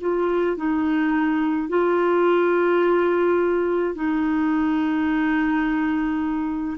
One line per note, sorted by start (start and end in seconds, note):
0.00 0.57 F4
0.57 1.68 D#4
1.68 3.95 F4
3.95 6.78 D#4